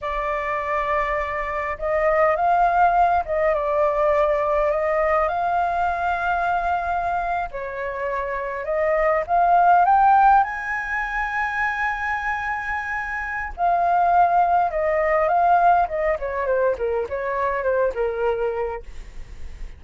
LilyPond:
\new Staff \with { instrumentName = "flute" } { \time 4/4 \tempo 4 = 102 d''2. dis''4 | f''4. dis''8 d''2 | dis''4 f''2.~ | f''8. cis''2 dis''4 f''16~ |
f''8. g''4 gis''2~ gis''16~ | gis''2. f''4~ | f''4 dis''4 f''4 dis''8 cis''8 | c''8 ais'8 cis''4 c''8 ais'4. | }